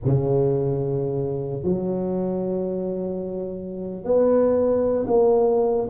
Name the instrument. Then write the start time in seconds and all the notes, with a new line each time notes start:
tuba
0.04 C#3
1.63 F#3
4.04 B3
5.07 A#3